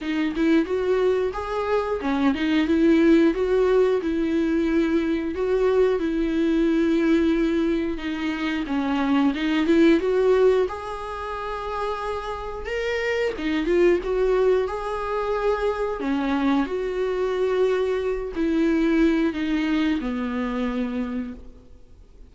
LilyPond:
\new Staff \with { instrumentName = "viola" } { \time 4/4 \tempo 4 = 90 dis'8 e'8 fis'4 gis'4 cis'8 dis'8 | e'4 fis'4 e'2 | fis'4 e'2. | dis'4 cis'4 dis'8 e'8 fis'4 |
gis'2. ais'4 | dis'8 f'8 fis'4 gis'2 | cis'4 fis'2~ fis'8 e'8~ | e'4 dis'4 b2 | }